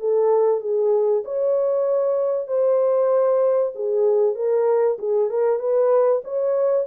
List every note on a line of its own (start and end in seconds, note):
0.00 0.61 A4
0.61 1.23 G#4
1.24 2.47 C#5
2.47 3.72 C5
3.75 4.35 G#4
4.35 4.97 A#4
4.99 5.30 G#4
5.30 5.59 A#4
5.59 6.22 B4
6.24 6.87 C#5